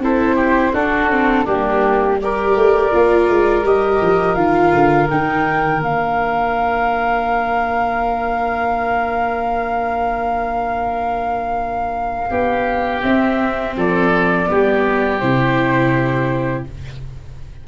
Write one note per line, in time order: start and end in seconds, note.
0.00 0.72 C4
0.00 0.75 E4
0.00 0.36 A4
0.00 0.75 C5
0.36 0.72 G4
0.73 1.46 D4
0.73 1.10 D4
0.73 1.45 F#4
0.73 1.47 A4
1.10 1.46 C4
1.45 2.55 G3
1.45 2.20 A#3
1.45 2.17 D4
1.45 2.20 G4
2.21 2.92 G4
2.21 12.30 A#4
2.21 3.66 D5
2.55 2.92 A3
2.92 3.29 A#3
2.92 3.64 F4
3.29 3.64 G#3
3.64 4.00 G3
3.64 4.36 G4
3.64 4.35 D#5
4.02 4.36 F3
4.35 4.72 D#3
4.35 5.09 F4
4.35 5.07 F5
4.74 5.10 D3
5.10 5.80 D#3
5.10 5.80 D#4
5.10 5.83 G5
5.80 12.30 A#3
5.80 13.02 D4
5.80 13.03 F5
12.30 13.03 B3
12.30 13.75 G4
13.02 14.47 C4
13.02 13.76 C4
13.02 13.75 E5
13.77 14.49 F3
13.77 14.49 A4
13.77 15.19 D5
14.47 15.22 G3
14.47 15.19 B3
14.47 16.68 G4
15.19 16.67 C3
15.19 16.66 E4
15.19 16.64 C5